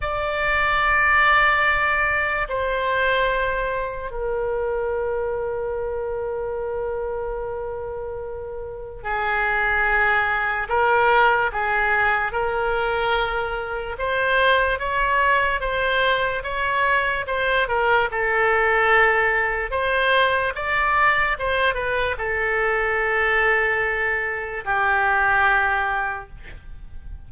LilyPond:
\new Staff \with { instrumentName = "oboe" } { \time 4/4 \tempo 4 = 73 d''2. c''4~ | c''4 ais'2.~ | ais'2. gis'4~ | gis'4 ais'4 gis'4 ais'4~ |
ais'4 c''4 cis''4 c''4 | cis''4 c''8 ais'8 a'2 | c''4 d''4 c''8 b'8 a'4~ | a'2 g'2 | }